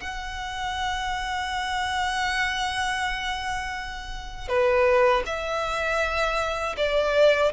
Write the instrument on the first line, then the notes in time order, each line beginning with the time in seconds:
violin
0.00 F#5
4.48 B4
5.26 E5
6.77 D5